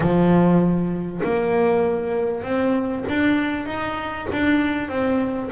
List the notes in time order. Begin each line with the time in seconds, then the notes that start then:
0.00 F3
1.23 A#3
2.43 C4
3.09 D4
3.66 D#4
4.32 D4
4.88 C4